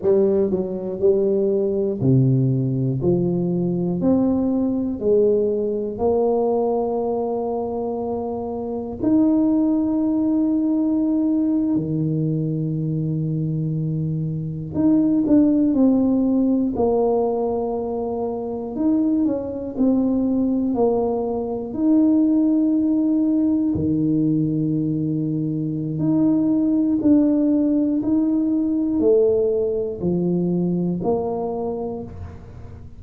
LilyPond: \new Staff \with { instrumentName = "tuba" } { \time 4/4 \tempo 4 = 60 g8 fis8 g4 c4 f4 | c'4 gis4 ais2~ | ais4 dis'2~ dis'8. dis16~ | dis2~ dis8. dis'8 d'8 c'16~ |
c'8. ais2 dis'8 cis'8 c'16~ | c'8. ais4 dis'2 dis16~ | dis2 dis'4 d'4 | dis'4 a4 f4 ais4 | }